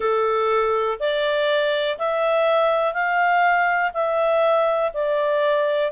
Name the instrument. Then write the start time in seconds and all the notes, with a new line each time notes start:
clarinet
0.00 A4
0.99 D5
1.98 E5
2.93 F5
3.93 E5
4.93 D5